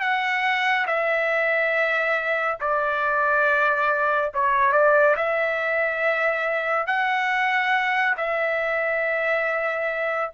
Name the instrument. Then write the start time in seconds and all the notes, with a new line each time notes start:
trumpet
0.00 F#5
0.86 E5
2.60 D5
4.34 C#5
4.73 D5
5.16 E5
6.86 F#5
8.17 E5